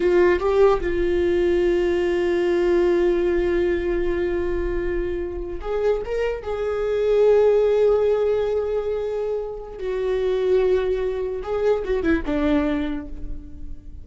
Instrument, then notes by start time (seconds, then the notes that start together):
viola
0.00 F4
0.39 G4
0.80 F4
5.61 G#4
6.05 A#4
6.42 G#4
9.78 F#4
11.42 G#4
11.84 F#4
12.02 E4
12.25 D4